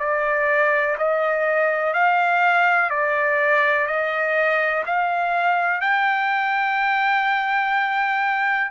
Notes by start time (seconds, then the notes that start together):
0.00 D5
0.99 D#5
1.94 F5
2.90 D5
3.87 D#5
4.86 F5
5.81 G5